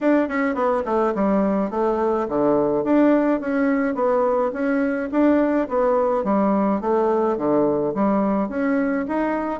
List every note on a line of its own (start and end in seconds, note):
0.01 0.28 D4
0.28 0.54 C#4
0.54 0.83 B3
0.85 1.13 A3
1.14 1.70 G3
1.70 2.27 A3
2.28 2.84 D3
2.84 3.40 D4
3.40 3.95 C#4
3.95 4.51 B3
4.53 5.09 C#4
5.11 5.68 D4
5.68 6.24 B3
6.24 6.80 G3
6.81 7.37 A3
7.37 7.93 D3
7.94 8.49 G3
8.49 9.05 C#4
9.08 9.60 D#4